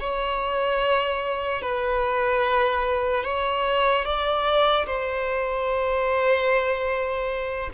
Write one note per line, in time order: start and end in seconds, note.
0.00 1.62 C#5
1.62 3.24 B4
3.24 4.05 C#5
4.05 4.86 D5
4.86 7.70 C5